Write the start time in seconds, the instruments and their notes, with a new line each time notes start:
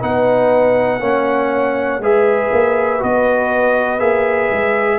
0.00 tuba B3, trombone D#4, horn B4, trumpet F#5
1.00 tuba A#3, trombone C#4, horn C#5
2.00 tuba G#3, trombone G#4, horn B4, trumpet E5
2.52 tuba A#3
3.00 tuba B3, trombone F#4, trumpet D#5
4.00 tuba A#3, trombone G#4, trumpet E5
4.51 tuba G#3